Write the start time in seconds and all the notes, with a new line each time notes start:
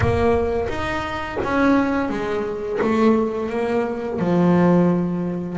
0.00 A#3
0.68 D#4
1.43 C#4
2.09 G#3
2.81 A3
3.49 A#3
4.19 F3